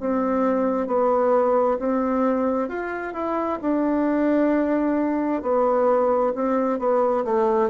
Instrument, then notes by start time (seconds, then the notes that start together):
bassoon
0.00 C4
0.87 B3
1.79 C4
2.69 F4
3.14 E4
3.61 D4
5.42 B3
6.35 C4
6.79 B3
7.25 A3